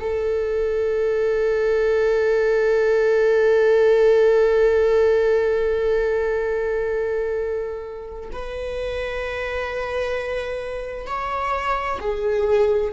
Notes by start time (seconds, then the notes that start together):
0.00 A4
8.33 B4
11.07 C#5
12.00 G#4